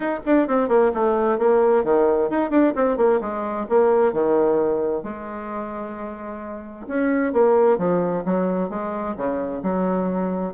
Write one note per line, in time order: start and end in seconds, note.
0.00 0.19 D#4
0.25 0.47 D4
0.47 0.68 C4
0.68 0.91 A#3
0.94 1.38 A3
1.38 1.84 A#3
1.84 2.29 D#3
2.29 2.50 D#4
2.50 2.73 D4
2.75 2.97 C4
2.97 3.20 A#3
3.20 3.66 G#3
3.69 4.13 A#3
4.13 5.03 D#3
5.03 6.86 G#3
6.87 7.32 C#4
7.32 7.78 A#3
7.78 8.23 F3
8.25 8.69 F#3
8.69 9.15 G#3
9.16 9.62 C#3
9.62 10.54 F#3